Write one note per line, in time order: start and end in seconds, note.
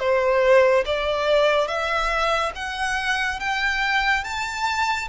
0.00 0.85 C5
0.86 1.68 D5
1.68 2.52 E5
2.55 3.40 F#5
3.40 4.24 G5
4.24 5.09 A5